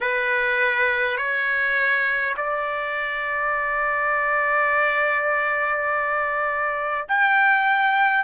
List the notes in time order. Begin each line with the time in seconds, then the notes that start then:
0.00 B4
1.17 C#5
2.36 D5
7.08 G5